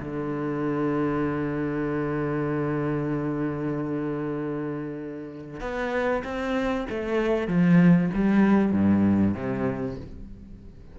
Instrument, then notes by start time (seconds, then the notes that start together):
cello
0.00 D3
5.60 B3
6.24 C4
6.89 A3
7.47 F3
8.14 G3
8.72 G2
9.34 C3